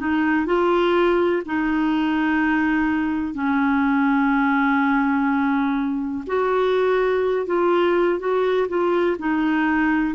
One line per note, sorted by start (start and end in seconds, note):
0.00 0.47 D#4
0.47 1.43 F4
1.46 3.35 D#4
3.35 6.25 C#4
6.27 7.47 F#4
7.47 8.20 F4
8.20 8.68 F#4
8.69 9.17 F4
9.19 10.15 D#4